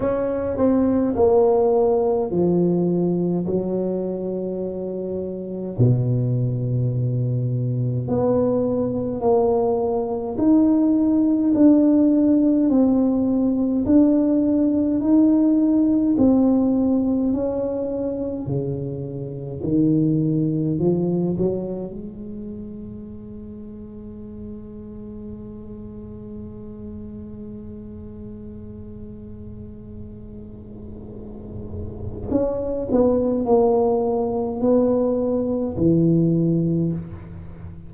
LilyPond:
\new Staff \with { instrumentName = "tuba" } { \time 4/4 \tempo 4 = 52 cis'8 c'8 ais4 f4 fis4~ | fis4 b,2 b4 | ais4 dis'4 d'4 c'4 | d'4 dis'4 c'4 cis'4 |
cis4 dis4 f8 fis8 gis4~ | gis1~ | gis1 | cis'8 b8 ais4 b4 e4 | }